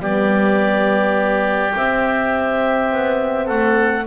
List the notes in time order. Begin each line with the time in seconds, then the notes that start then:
0.00 G3 B3 G4 D5
1.74 C4 E5
2.92 B3
3.45 A3 A4 F#5